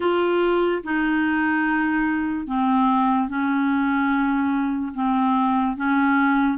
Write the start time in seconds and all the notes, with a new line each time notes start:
0.00 F4
0.83 D#4
2.47 C4
3.28 C#4
4.94 C4
5.76 C#4